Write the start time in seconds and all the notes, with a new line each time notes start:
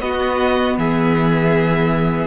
0.00 B3 F#4 D#5
0.78 E3 G#4 E5